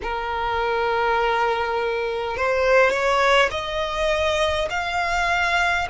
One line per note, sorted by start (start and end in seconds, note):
0.02 2.36 A#4
2.36 2.90 C5
2.90 3.49 C#5
3.50 4.68 D#5
4.70 5.87 F5